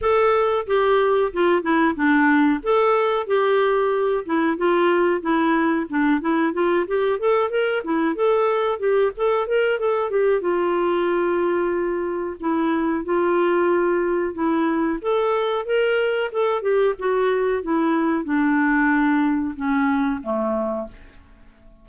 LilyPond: \new Staff \with { instrumentName = "clarinet" } { \time 4/4 \tempo 4 = 92 a'4 g'4 f'8 e'8 d'4 | a'4 g'4. e'8 f'4 | e'4 d'8 e'8 f'8 g'8 a'8 ais'8 | e'8 a'4 g'8 a'8 ais'8 a'8 g'8 |
f'2. e'4 | f'2 e'4 a'4 | ais'4 a'8 g'8 fis'4 e'4 | d'2 cis'4 a4 | }